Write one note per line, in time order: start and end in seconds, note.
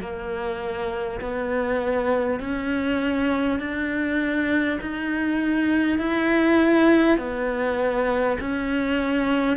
0.00 1.20 A#3
1.21 2.40 B3
2.40 3.59 C#4
3.59 4.79 D4
4.81 5.99 D#4
5.99 7.18 E4
7.18 8.38 B3
8.40 9.57 C#4